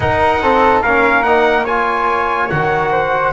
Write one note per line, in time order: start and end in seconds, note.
0.00 0.40 D#4
0.00 0.83 D#4
0.00 0.42 A#4
0.00 0.81 F#5
0.42 0.83 C4
0.42 0.82 A4
0.82 2.50 A#3
0.82 1.25 C#4
0.82 1.64 A#4
0.82 1.23 F5
1.23 1.66 D#4
1.23 1.64 F#5
1.64 2.49 F4
1.64 2.89 C#5
1.64 2.49 G#5
2.49 3.32 D#3
2.49 3.32 F#4
2.49 3.32 F#5
2.91 3.32 C5